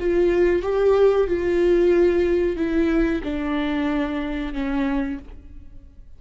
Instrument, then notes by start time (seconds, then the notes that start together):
viola
0.00 F4
0.63 G4
1.27 F4
2.57 E4
3.24 D4
4.54 C#4